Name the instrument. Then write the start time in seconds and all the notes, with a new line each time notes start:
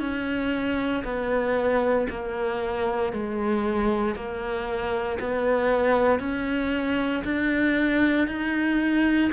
cello
0.00 C#4
1.04 B3
2.10 A#3
3.13 G#3
4.15 A#3
5.20 B3
6.19 C#4
7.24 D4
8.28 D#4